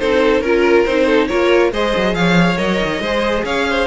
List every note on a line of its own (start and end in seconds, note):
0.00 0.42 C4
0.00 0.44 D#4
0.00 0.44 A4
0.00 0.42 C5
0.42 0.85 C#4
0.42 0.87 F4
0.42 0.85 A#4
0.42 1.06 A#4
0.86 1.30 C4
0.86 1.30 D#4
0.86 1.28 C5
1.06 1.28 A4
1.28 1.73 A#3
1.28 1.73 F4
1.28 1.72 A#4
1.28 1.71 C#5
1.73 1.94 G#3
1.73 2.57 G#4
1.73 2.16 C5
1.73 2.15 D#5
1.97 2.15 F#3
2.15 2.58 F3
2.15 3.02 C#5
2.15 2.58 F5
2.57 2.82 F#3
2.57 3.00 A#4
2.57 3.44 D#5
2.83 3.00 D#3
3.00 3.43 G#3
3.00 3.45 C5
3.06 3.87 G#4
3.45 3.87 C#4
3.45 3.67 C#5
3.45 3.87 F5
3.70 3.87 C5